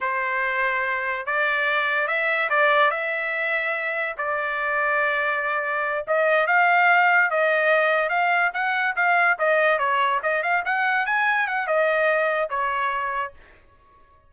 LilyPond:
\new Staff \with { instrumentName = "trumpet" } { \time 4/4 \tempo 4 = 144 c''2. d''4~ | d''4 e''4 d''4 e''4~ | e''2 d''2~ | d''2~ d''8 dis''4 f''8~ |
f''4. dis''2 f''8~ | f''8 fis''4 f''4 dis''4 cis''8~ | cis''8 dis''8 f''8 fis''4 gis''4 fis''8 | dis''2 cis''2 | }